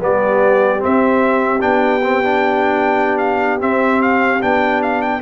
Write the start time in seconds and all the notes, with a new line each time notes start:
0.00 G3 B3 G4 D5
0.79 C4 E5
1.61 B3 D4 G5
2.03 C4
2.23 D4
3.18 F5
3.60 C4 E5
4.02 F5
4.41 B3 D4 G5
4.83 F5
5.01 G5